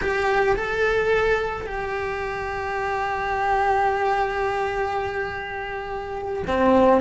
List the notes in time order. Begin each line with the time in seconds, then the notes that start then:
0.01 G4
0.56 A4
1.66 G4
6.47 C4